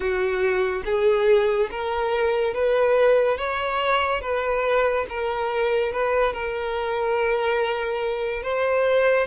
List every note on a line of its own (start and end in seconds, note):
0.00 0.83 F#4
0.85 1.69 G#4
1.71 2.54 A#4
2.54 3.37 B4
3.37 4.21 C#5
4.21 5.06 B4
5.09 5.92 A#4
5.92 6.33 B4
6.33 8.42 A#4
8.42 9.27 C5